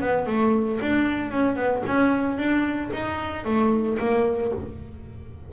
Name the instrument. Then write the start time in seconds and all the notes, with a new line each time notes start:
double bass
0.00 B3
0.26 A3
0.80 D4
1.31 C#4
1.56 B3
1.86 C#4
2.37 D4
2.93 D#4
3.44 A3
3.98 A#3